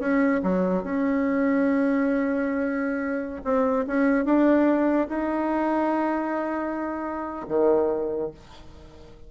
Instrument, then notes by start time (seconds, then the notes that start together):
bassoon
0.00 C#4
0.43 F#3
0.84 C#4
3.45 C4
3.87 C#4
4.25 D4
5.09 D#4
7.49 D#3